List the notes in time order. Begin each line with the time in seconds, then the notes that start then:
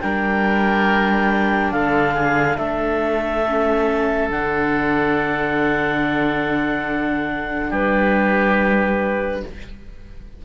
0.00 G3 D4 A#4 G5
1.71 D3 A4 F5
2.14 G#4
2.57 A3 A4 E5
3.47 C#4
4.29 D3 D4 F#5
7.69 G3 G4 B4